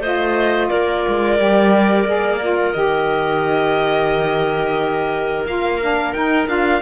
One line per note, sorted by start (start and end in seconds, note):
0.00 0.69 A3
0.00 1.37 F4
0.00 0.68 C5
0.00 0.69 D#5
0.69 1.06 A#3
0.69 6.82 A#4
0.69 2.73 D5
1.07 1.39 G#3
1.37 2.05 G3
1.37 2.05 G4
2.05 2.73 A#3
2.05 2.39 G#4
2.40 2.74 F4
2.73 5.45 D#3
2.73 5.46 G4
2.73 5.45 D#5
5.45 6.13 A#3
5.45 5.80 F4
5.45 6.13 F5
5.80 6.14 D4
6.13 6.47 D#4
6.13 6.47 G5
6.47 6.82 D4
6.47 6.81 F4
6.47 6.82 F5